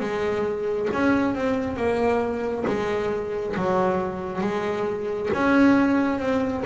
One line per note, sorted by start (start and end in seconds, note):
0.00 0.88 G#3
0.93 1.35 C#4
1.35 1.76 C4
1.76 2.65 A#3
2.67 3.55 G#3
3.56 4.41 F#3
4.41 5.30 G#3
5.33 6.19 C#4
6.19 6.63 C4